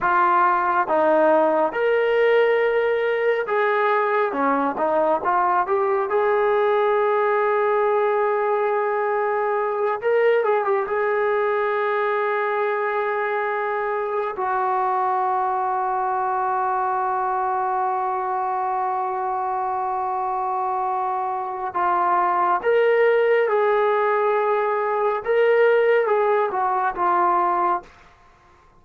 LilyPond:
\new Staff \with { instrumentName = "trombone" } { \time 4/4 \tempo 4 = 69 f'4 dis'4 ais'2 | gis'4 cis'8 dis'8 f'8 g'8 gis'4~ | gis'2.~ gis'8 ais'8 | gis'16 g'16 gis'2.~ gis'8~ |
gis'8 fis'2.~ fis'8~ | fis'1~ | fis'4 f'4 ais'4 gis'4~ | gis'4 ais'4 gis'8 fis'8 f'4 | }